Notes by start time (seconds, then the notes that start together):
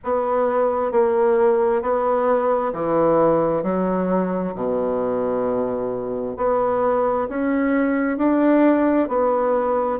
0.04 B3
0.91 A#3
1.81 B3
2.73 E3
3.63 F#3
4.55 B2
6.36 B3
7.28 C#4
8.17 D4
9.08 B3